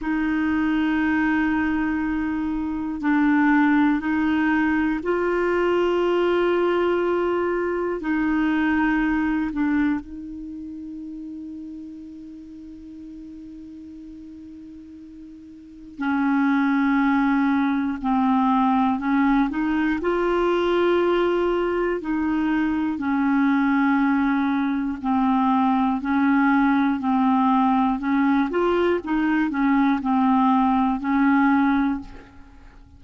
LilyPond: \new Staff \with { instrumentName = "clarinet" } { \time 4/4 \tempo 4 = 60 dis'2. d'4 | dis'4 f'2. | dis'4. d'8 dis'2~ | dis'1 |
cis'2 c'4 cis'8 dis'8 | f'2 dis'4 cis'4~ | cis'4 c'4 cis'4 c'4 | cis'8 f'8 dis'8 cis'8 c'4 cis'4 | }